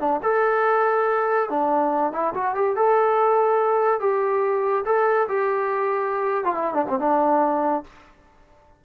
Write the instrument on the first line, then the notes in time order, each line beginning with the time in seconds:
trombone
0.00 D4
0.23 A4
1.50 D4
2.13 E4
2.35 F#4
2.55 G4
2.76 A4
4.00 G4
4.86 A4
5.29 G4
6.45 F4
6.55 E4
6.75 D4
6.89 C4
7.00 D4